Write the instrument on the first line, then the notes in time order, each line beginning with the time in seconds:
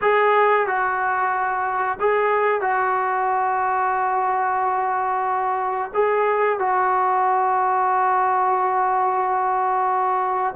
trombone
0.01 G#4
0.66 F#4
2.00 G#4
2.61 F#4
5.93 G#4
6.59 F#4